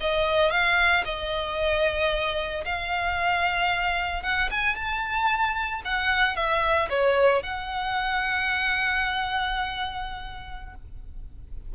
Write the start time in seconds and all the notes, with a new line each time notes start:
0.00 D#5
0.50 F5
1.05 D#5
2.65 F5
4.23 F#5
4.51 G#5
4.75 A5
5.85 F#5
6.36 E5
6.89 C#5
7.43 F#5